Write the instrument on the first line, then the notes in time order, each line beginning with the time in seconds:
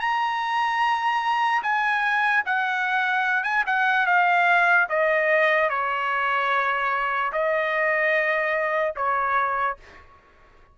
trumpet
0.00 A#5
1.63 G#5
2.45 F#5
3.43 G#5
3.66 F#5
4.06 F5
4.89 D#5
5.69 C#5
7.32 D#5
8.96 C#5